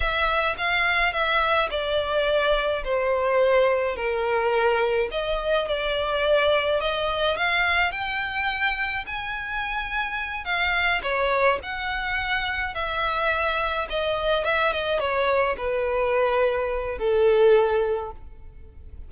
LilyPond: \new Staff \with { instrumentName = "violin" } { \time 4/4 \tempo 4 = 106 e''4 f''4 e''4 d''4~ | d''4 c''2 ais'4~ | ais'4 dis''4 d''2 | dis''4 f''4 g''2 |
gis''2~ gis''8 f''4 cis''8~ | cis''8 fis''2 e''4.~ | e''8 dis''4 e''8 dis''8 cis''4 b'8~ | b'2 a'2 | }